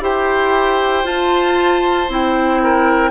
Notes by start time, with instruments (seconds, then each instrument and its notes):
0.00 bassoon E4, clarinet G4, oboe C5, flute G5
1.04 clarinet F4, bassoon F4, flute A5
2.08 bassoon C4, clarinet E4, flute G5
2.62 oboe A#4